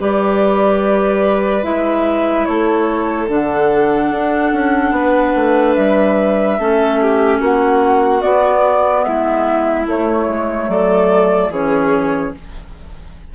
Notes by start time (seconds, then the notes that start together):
0.00 G3 G4 B4 D5
1.63 G#3 E4 E5
2.46 A3 A4 C#5
3.29 D3 D4 F#5
4.11 D4
4.53 C#4
4.92 B3 B4
5.36 A3
5.75 G3 E5
6.59 A3 C#4 A4
7.02 G4
7.41 A#3 F#4 F#5
8.22 B3 D5
9.04 G#3 E4 E5
9.87 A3 C#5
10.28 G#3
10.68 F#3 A4 D5
11.49 E3 C#4 G#4 C#5